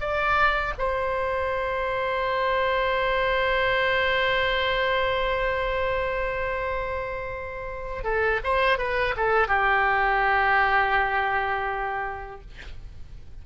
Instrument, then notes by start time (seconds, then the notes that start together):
oboe
0.00 D5
0.78 C5
8.04 A4
8.44 C5
8.78 B4
9.17 A4
9.48 G4